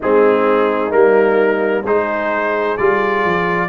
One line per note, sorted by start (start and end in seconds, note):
0.00 0.92 G#3
0.00 0.90 C4
0.00 1.83 D#4
0.00 0.91 G#4
0.90 1.84 G3
0.90 1.82 A#3
0.90 1.84 A#4
1.84 2.76 G#3
1.84 2.78 D#4
1.84 3.68 G#4
1.84 2.77 C5
2.77 3.25 G3
2.77 3.68 F4
2.77 3.68 D5
3.25 3.68 F3